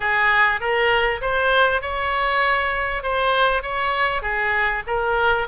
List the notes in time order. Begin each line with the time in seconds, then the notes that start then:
0.00 G#4
0.60 A#4
1.21 C5
1.81 C#5
3.02 C5
3.62 C#5
4.22 G#4
4.87 A#4